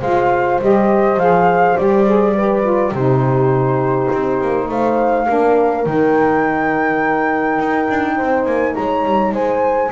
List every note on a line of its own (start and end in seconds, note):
0.00 0.60 G#3
0.00 0.61 F4
0.00 2.33 C5
0.00 0.60 F5
0.61 1.17 G3
0.61 1.19 G4
0.61 1.19 D#5
1.17 1.75 F3
1.17 1.78 G#4
1.17 1.77 F5
1.77 2.92 G3
1.77 2.06 G4
1.77 2.94 D5
2.06 2.35 G#4
2.34 2.63 G4
2.34 2.93 B4
2.63 2.92 F4
2.92 4.08 C3
2.92 5.27 D#4
2.92 4.69 G4
2.92 4.70 C5
4.13 4.41 C4
4.41 4.69 A#3
4.69 5.27 A3
4.69 5.27 C5
4.69 5.85 F5
5.27 5.86 A#3
5.27 5.85 D4
5.27 8.17 A#4
5.85 7.59 D#3
5.85 9.92 D#4
5.85 8.45 G5
7.59 7.88 D#4
7.90 8.20 D4
8.17 8.46 C4
8.17 8.75 C5
8.45 8.75 A#3
8.45 8.74 G#5
8.75 9.05 G#3
8.75 9.33 C#5
8.75 9.33 A#5
9.05 9.32 G3
9.32 9.90 G#3
9.32 9.92 C5
9.32 9.92 G#5